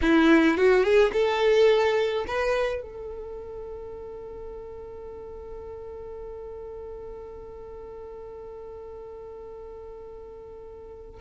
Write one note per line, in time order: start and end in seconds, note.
0.01 0.57 E4
0.57 0.83 F#4
0.83 1.11 G#4
1.12 2.25 A4
2.27 2.82 B4
2.82 11.20 A4